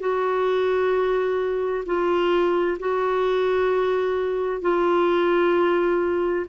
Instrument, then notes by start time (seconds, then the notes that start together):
clarinet
0.00 F#4
1.86 F4
2.80 F#4
4.62 F4